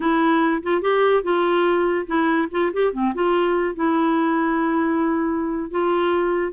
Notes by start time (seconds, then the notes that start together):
0.00 E4
0.62 F4
0.81 G4
1.23 F4
2.06 E4
2.51 F4
2.73 G4
2.92 C4
3.14 F4
3.75 E4
5.70 F4